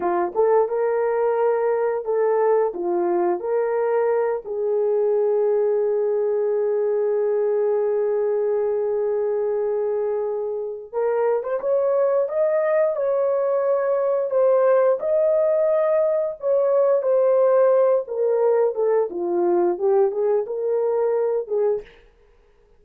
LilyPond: \new Staff \with { instrumentName = "horn" } { \time 4/4 \tempo 4 = 88 f'8 a'8 ais'2 a'4 | f'4 ais'4. gis'4.~ | gis'1~ | gis'1 |
ais'8. c''16 cis''4 dis''4 cis''4~ | cis''4 c''4 dis''2 | cis''4 c''4. ais'4 a'8 | f'4 g'8 gis'8 ais'4. gis'8 | }